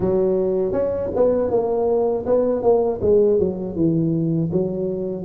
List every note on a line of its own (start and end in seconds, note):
0.00 0.72 F#3
0.72 1.10 C#4
1.15 1.50 B3
1.50 2.25 A#3
2.26 2.62 B3
2.62 3.00 A#3
3.01 3.39 G#3
3.39 3.75 F#3
3.75 4.50 E3
4.52 5.24 F#3